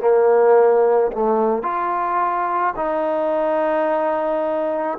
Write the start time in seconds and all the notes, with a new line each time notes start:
0.00 A#3
1.13 A3
1.63 F4
2.76 D#4